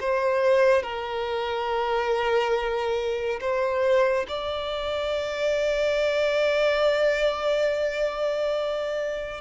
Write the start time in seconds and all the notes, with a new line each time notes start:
0.00 C5
0.82 A#4
3.40 C5
4.28 D5